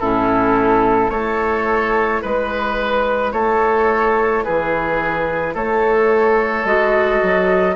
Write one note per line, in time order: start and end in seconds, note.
0.00 1.10 A2
0.00 1.12 C#4
0.00 1.11 E4
0.00 1.10 A4
1.10 2.21 A3
1.10 6.66 E4
1.10 2.22 A4
1.10 2.22 C#5
2.22 3.33 G#3
2.22 3.33 B4
2.22 3.32 B4
3.32 4.44 A3
3.32 4.44 A4
3.32 4.44 C#5
4.44 5.55 E3
4.44 5.54 G#4
4.44 5.55 B4
5.54 6.65 A3
5.54 7.76 A4
5.54 6.66 C#5
6.65 7.20 G#3
6.65 7.76 F#4
6.65 7.76 D#5
7.23 7.76 F#3